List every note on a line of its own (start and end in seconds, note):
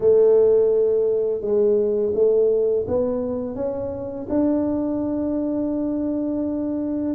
0.00 1.41 A3
1.41 2.12 G#3
2.14 2.85 A3
2.87 3.55 B3
3.55 4.26 C#4
4.29 7.14 D4